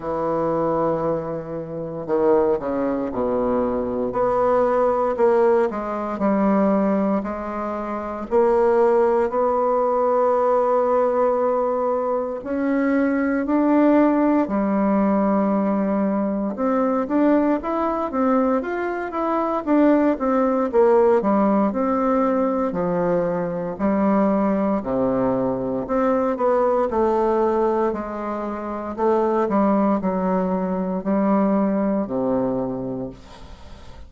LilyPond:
\new Staff \with { instrumentName = "bassoon" } { \time 4/4 \tempo 4 = 58 e2 dis8 cis8 b,4 | b4 ais8 gis8 g4 gis4 | ais4 b2. | cis'4 d'4 g2 |
c'8 d'8 e'8 c'8 f'8 e'8 d'8 c'8 | ais8 g8 c'4 f4 g4 | c4 c'8 b8 a4 gis4 | a8 g8 fis4 g4 c4 | }